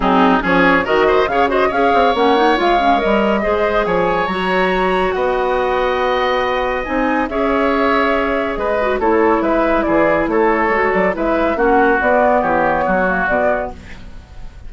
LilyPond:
<<
  \new Staff \with { instrumentName = "flute" } { \time 4/4 \tempo 4 = 140 gis'4 cis''4 dis''4 f''8 dis''8 | f''4 fis''4 f''4 dis''4~ | dis''4 gis''4 ais''2 | fis''1 |
gis''4 e''2. | dis''4 cis''4 e''4 d''4 | cis''4. d''8 e''4 fis''4 | d''4 cis''2 d''4 | }
  \new Staff \with { instrumentName = "oboe" } { \time 4/4 dis'4 gis'4 ais'8 c''8 cis''8 c''8 | cis''1 | c''4 cis''2. | dis''1~ |
dis''4 cis''2. | b'4 a'4 b'4 gis'4 | a'2 b'4 fis'4~ | fis'4 g'4 fis'2 | }
  \new Staff \with { instrumentName = "clarinet" } { \time 4/4 c'4 cis'4 fis'4 gis'8 fis'8 | gis'4 cis'8 dis'8 f'8 cis'8 ais'4 | gis'2 fis'2~ | fis'1 |
dis'4 gis'2.~ | gis'8 fis'8 e'2.~ | e'4 fis'4 e'4 cis'4 | b2~ b8 ais8 b4 | }
  \new Staff \with { instrumentName = "bassoon" } { \time 4/4 fis4 f4 dis4 cis4 | cis'8 c'8 ais4 gis4 g4 | gis4 f4 fis2 | b1 |
c'4 cis'2. | gis4 a4 gis4 e4 | a4 gis8 fis8 gis4 ais4 | b4 e4 fis4 b,4 | }
>>